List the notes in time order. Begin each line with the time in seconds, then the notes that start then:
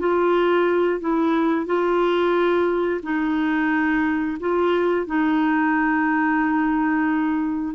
0.00 F4
1.01 E4
1.66 F4
3.03 D#4
4.40 F4
5.07 D#4